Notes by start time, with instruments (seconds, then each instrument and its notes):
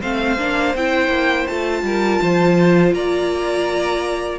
0.00 cello A3, viola C4, violin C5 F5
0.38 cello A#3, viola D4
0.74 cello C4, viola E4, violin G5
1.07 cello A#3
1.47 cello A3, viola F4, violin A5
1.82 cello G3, violin A#4
2.21 cello F3, violin C5
2.93 cello A#3, violin D5 A#5